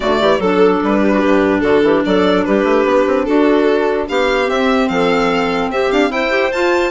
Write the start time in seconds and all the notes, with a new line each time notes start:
0.00 D3 A3 F#4 D5
0.20 E3 G4
0.39 F#3 D4 A4
0.83 G3 B4
1.01 G4
1.12 F#4
1.20 G2 G4
1.60 D3 F#4 A4
1.82 E3 G4
2.05 F#3 A4 D5
2.44 G3 G4 B4
2.63 A3
2.85 B3
3.06 C4
3.24 D4 F#4 A4
4.08 B3 G4 F5
4.45 C4 E5
4.88 F3 A4 F5
5.70 C4 G4 E5
5.91 D4 F5
6.10 E4 C5 G5
6.29 G4
6.51 F4 A5